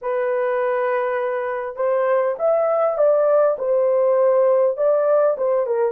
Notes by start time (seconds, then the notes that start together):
0.01 B4
1.76 C5
2.38 E5
2.97 D5
3.58 C5
4.77 D5
5.37 C5
5.66 A#4